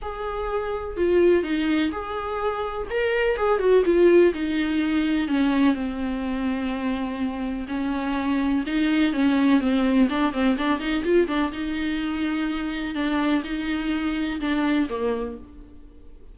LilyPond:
\new Staff \with { instrumentName = "viola" } { \time 4/4 \tempo 4 = 125 gis'2 f'4 dis'4 | gis'2 ais'4 gis'8 fis'8 | f'4 dis'2 cis'4 | c'1 |
cis'2 dis'4 cis'4 | c'4 d'8 c'8 d'8 dis'8 f'8 d'8 | dis'2. d'4 | dis'2 d'4 ais4 | }